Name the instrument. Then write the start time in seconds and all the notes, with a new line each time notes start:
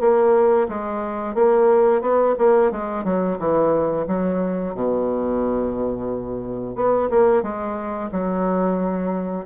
bassoon
0.00 A#3
0.69 G#3
1.35 A#3
2.01 B3
2.38 A#3
2.72 G#3
3.04 F#3
3.39 E3
4.07 F#3
4.74 B2
6.75 B3
7.10 A#3
7.43 G#3
8.12 F#3